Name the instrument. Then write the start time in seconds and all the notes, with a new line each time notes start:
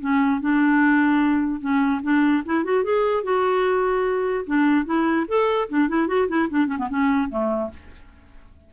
clarinet
0.00 C#4
0.40 D4
1.60 C#4
2.03 D4
2.45 E4
2.64 F#4
2.83 G#4
3.23 F#4
4.46 D4
4.85 E4
5.28 A4
5.69 D4
5.89 E4
6.07 F#4
6.28 E4
6.49 D4
6.67 C#4
6.78 B3
6.89 C#4
7.29 A3